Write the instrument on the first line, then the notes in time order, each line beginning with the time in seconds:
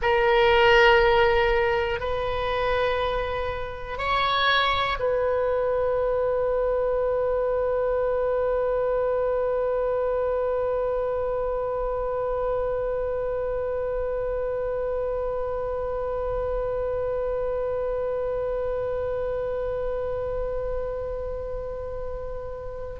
oboe
0.02 A#4
2.00 B4
3.98 C#5
4.99 B4